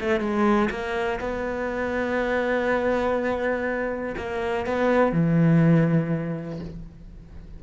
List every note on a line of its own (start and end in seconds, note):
0.00 0.21 A3
0.21 0.70 G#3
0.70 1.19 A#3
1.20 4.16 B3
4.17 4.66 A#3
4.66 5.12 B3
5.12 6.60 E3